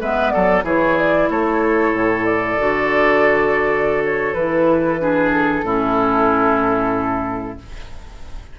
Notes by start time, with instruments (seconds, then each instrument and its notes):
0.00 bassoon G#3, clarinet B3, oboe B4, flute E5
0.30 bassoon F#3, oboe A4, flute D5
0.63 bassoon E3, clarinet E4, oboe G#4, flute C#5
0.97 flute D5
1.29 bassoon A3, oboe A4, flute C#5
1.92 bassoon A2
2.25 flute D5
2.58 bassoon D3, clarinet F#4
4.04 flute C#5
4.33 bassoon E3, clarinet E4, flute B4
4.99 clarinet D4, oboe G#4
5.32 flute A4
5.63 bassoon A2, clarinet C#4, oboe E4